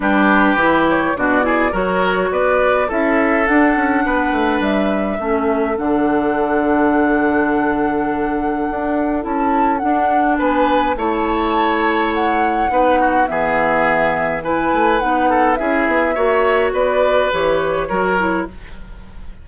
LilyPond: <<
  \new Staff \with { instrumentName = "flute" } { \time 4/4 \tempo 4 = 104 b'4. cis''8 d''4 cis''4 | d''4 e''4 fis''2 | e''2 fis''2~ | fis''1 |
a''4 fis''4 gis''4 a''4~ | a''4 fis''2 e''4~ | e''4 gis''4 fis''4 e''4~ | e''4 d''4 cis''2 | }
  \new Staff \with { instrumentName = "oboe" } { \time 4/4 g'2 fis'8 gis'8 ais'4 | b'4 a'2 b'4~ | b'4 a'2.~ | a'1~ |
a'2 b'4 cis''4~ | cis''2 b'8 fis'8 gis'4~ | gis'4 b'4. a'8 gis'4 | cis''4 b'2 ais'4 | }
  \new Staff \with { instrumentName = "clarinet" } { \time 4/4 d'4 e'4 d'8 e'8 fis'4~ | fis'4 e'4 d'2~ | d'4 cis'4 d'2~ | d'1 |
e'4 d'2 e'4~ | e'2 dis'4 b4~ | b4 e'4 dis'4 e'4 | fis'2 g'4 fis'8 e'8 | }
  \new Staff \with { instrumentName = "bassoon" } { \time 4/4 g4 e4 b,4 fis4 | b4 cis'4 d'8 cis'8 b8 a8 | g4 a4 d2~ | d2. d'4 |
cis'4 d'4 b4 a4~ | a2 b4 e4~ | e4. a8 b4 cis'8 b8 | ais4 b4 e4 fis4 | }
>>